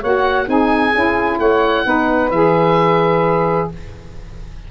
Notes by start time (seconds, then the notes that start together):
0.00 A#3 F#4 C#5 F#5
0.45 C4 D#4 G#4 G#5
0.94 C#4 E4
1.39 A3 C#5 F#5
1.85 B3 D#4 B4
2.31 E3 G#4 E5